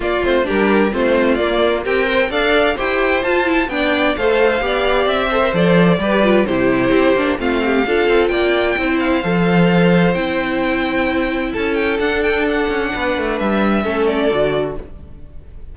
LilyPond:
<<
  \new Staff \with { instrumentName = "violin" } { \time 4/4 \tempo 4 = 130 d''8 c''8 ais'4 c''4 d''4 | g''4 f''4 g''4 a''4 | g''4 f''2 e''4 | d''2 c''2 |
f''2 g''4. f''8~ | f''2 g''2~ | g''4 a''8 g''8 fis''8 g''8 fis''4~ | fis''4 e''4. d''4. | }
  \new Staff \with { instrumentName = "violin" } { \time 4/4 f'4 g'4 f'2 | g'8 c''8 d''4 c''2 | d''4 c''4 d''4. c''8~ | c''4 b'4 g'2 |
f'8 g'8 a'4 d''4 c''4~ | c''1~ | c''4 a'2. | b'2 a'2 | }
  \new Staff \with { instrumentName = "viola" } { \time 4/4 ais8 c'8 d'4 c'4 ais4 | ais'4 a'4 g'4 f'8 e'8 | d'4 a'4 g'4. a'16 ais'16 | a'4 g'8 f'8 e'4. d'8 |
c'4 f'2 e'4 | a'2 e'2~ | e'2 d'2~ | d'2 cis'4 fis'4 | }
  \new Staff \with { instrumentName = "cello" } { \time 4/4 ais8 a8 g4 a4 ais4 | c'4 d'4 e'4 f'4 | b4 a4 b4 c'4 | f4 g4 c4 c'8 ais8 |
a4 d'8 c'8 ais4 c'4 | f2 c'2~ | c'4 cis'4 d'4. cis'8 | b8 a8 g4 a4 d4 | }
>>